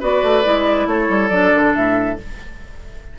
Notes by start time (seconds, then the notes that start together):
0.00 B3 F#4 B4 D5
0.23 A3
0.44 G#3 E4
0.86 A3 A4 C#5
1.09 G3
1.29 F#3 D4 D5
1.55 D3
1.75 A2 E5